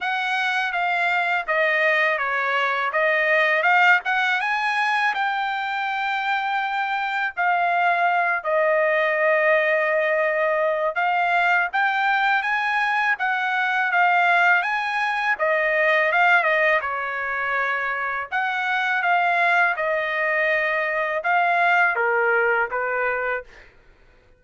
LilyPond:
\new Staff \with { instrumentName = "trumpet" } { \time 4/4 \tempo 4 = 82 fis''4 f''4 dis''4 cis''4 | dis''4 f''8 fis''8 gis''4 g''4~ | g''2 f''4. dis''8~ | dis''2. f''4 |
g''4 gis''4 fis''4 f''4 | gis''4 dis''4 f''8 dis''8 cis''4~ | cis''4 fis''4 f''4 dis''4~ | dis''4 f''4 ais'4 b'4 | }